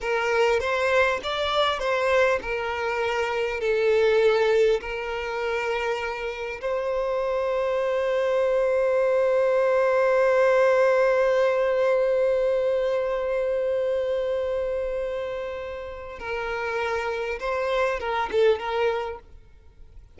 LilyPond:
\new Staff \with { instrumentName = "violin" } { \time 4/4 \tempo 4 = 100 ais'4 c''4 d''4 c''4 | ais'2 a'2 | ais'2. c''4~ | c''1~ |
c''1~ | c''1~ | c''2. ais'4~ | ais'4 c''4 ais'8 a'8 ais'4 | }